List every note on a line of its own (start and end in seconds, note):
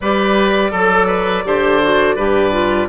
0.00 0.72 G3
0.00 0.72 G4
0.00 0.71 B4
0.00 2.89 D5
0.71 1.44 F#3
0.71 1.06 A4
0.71 1.44 A4
1.06 1.43 B4
1.44 2.16 D3
1.44 1.81 G4
1.44 2.15 C5
1.83 2.17 F#4
2.15 2.88 G2
2.15 2.52 G4
2.15 2.88 B4
2.52 2.88 F4